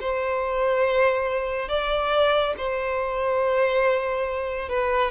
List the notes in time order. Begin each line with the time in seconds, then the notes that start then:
0.00 C5
1.69 D5
2.57 C5
4.69 B4